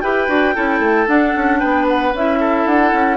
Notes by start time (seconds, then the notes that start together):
0.00 E4 G4 B4 G5
0.27 D4 F#4
0.54 C#4 E4 A4
0.79 A3
1.07 D4 F#5
1.35 C#4
1.59 B3 B4 G5
1.88 F#5
2.13 C#4 E4 E5
2.40 A4
2.65 D4 F#5
2.92 C#4